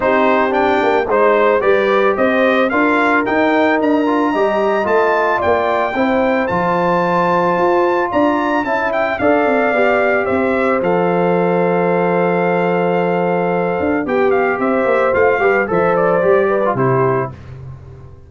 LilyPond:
<<
  \new Staff \with { instrumentName = "trumpet" } { \time 4/4 \tempo 4 = 111 c''4 g''4 c''4 d''4 | dis''4 f''4 g''4 ais''4~ | ais''4 a''4 g''2 | a''2. ais''4 |
a''8 g''8 f''2 e''4 | f''1~ | f''2 g''8 f''8 e''4 | f''4 e''8 d''4. c''4 | }
  \new Staff \with { instrumentName = "horn" } { \time 4/4 g'2 c''4 b'4 | c''4 ais'2. | dis''2 d''4 c''4~ | c''2. d''4 |
e''4 d''2 c''4~ | c''1~ | c''2 g'4 c''4~ | c''8 b'8 c''4. b'8 g'4 | }
  \new Staff \with { instrumentName = "trombone" } { \time 4/4 dis'4 d'4 dis'4 g'4~ | g'4 f'4 dis'4. f'8 | g'4 f'2 e'4 | f'1 |
e'4 a'4 g'2 | a'1~ | a'2 g'2 | f'8 g'8 a'4 g'8. f'16 e'4 | }
  \new Staff \with { instrumentName = "tuba" } { \time 4/4 c'4. ais8 gis4 g4 | c'4 d'4 dis'4 d'4 | g4 a4 ais4 c'4 | f2 f'4 d'4 |
cis'4 d'8 c'8 b4 c'4 | f1~ | f4. d'8 b4 c'8 ais8 | a8 g8 f4 g4 c4 | }
>>